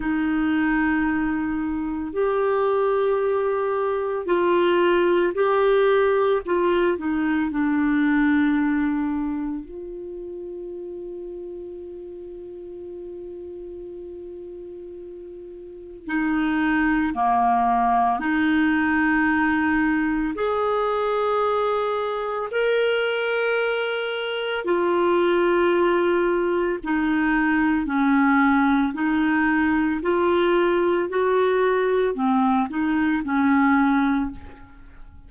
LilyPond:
\new Staff \with { instrumentName = "clarinet" } { \time 4/4 \tempo 4 = 56 dis'2 g'2 | f'4 g'4 f'8 dis'8 d'4~ | d'4 f'2.~ | f'2. dis'4 |
ais4 dis'2 gis'4~ | gis'4 ais'2 f'4~ | f'4 dis'4 cis'4 dis'4 | f'4 fis'4 c'8 dis'8 cis'4 | }